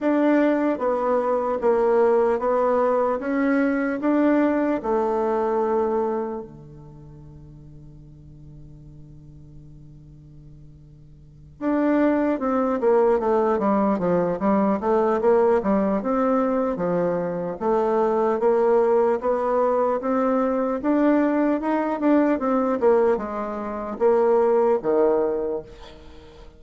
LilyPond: \new Staff \with { instrumentName = "bassoon" } { \time 4/4 \tempo 4 = 75 d'4 b4 ais4 b4 | cis'4 d'4 a2 | d1~ | d2~ d8 d'4 c'8 |
ais8 a8 g8 f8 g8 a8 ais8 g8 | c'4 f4 a4 ais4 | b4 c'4 d'4 dis'8 d'8 | c'8 ais8 gis4 ais4 dis4 | }